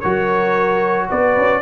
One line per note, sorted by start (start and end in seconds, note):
0.00 1.11 F#3
0.00 1.62 F#4
0.00 1.07 A#4
0.00 1.06 C#5
1.09 1.37 B3
1.09 1.62 B4
1.09 1.62 D5
1.37 1.62 C#4